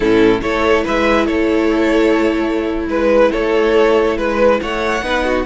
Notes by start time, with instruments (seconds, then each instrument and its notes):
0.00 cello A2, viola C#4, violin E4 A4
0.41 cello A3, viola E4, violin A4 C#5
0.84 cello G#3, violin B4 E5
1.25 cello A3, violin A4 C#5
2.88 cello G#3, violin B4
3.31 cello A3, violin A4 C#5
4.17 cello G#3, violin B4
4.61 cello A3, violin C#5 F#5
5.02 cello B3, viola D#4, violin B4
5.24 violin F#4